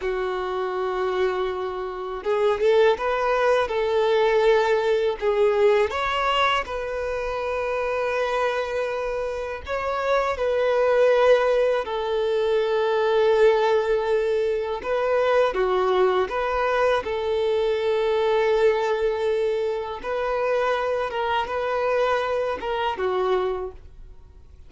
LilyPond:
\new Staff \with { instrumentName = "violin" } { \time 4/4 \tempo 4 = 81 fis'2. gis'8 a'8 | b'4 a'2 gis'4 | cis''4 b'2.~ | b'4 cis''4 b'2 |
a'1 | b'4 fis'4 b'4 a'4~ | a'2. b'4~ | b'8 ais'8 b'4. ais'8 fis'4 | }